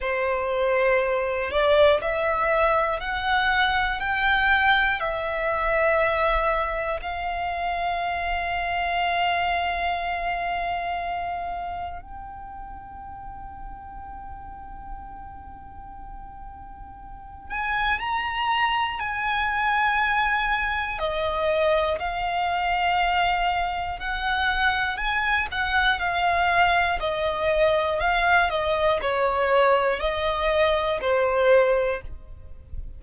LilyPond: \new Staff \with { instrumentName = "violin" } { \time 4/4 \tempo 4 = 60 c''4. d''8 e''4 fis''4 | g''4 e''2 f''4~ | f''1 | g''1~ |
g''4. gis''8 ais''4 gis''4~ | gis''4 dis''4 f''2 | fis''4 gis''8 fis''8 f''4 dis''4 | f''8 dis''8 cis''4 dis''4 c''4 | }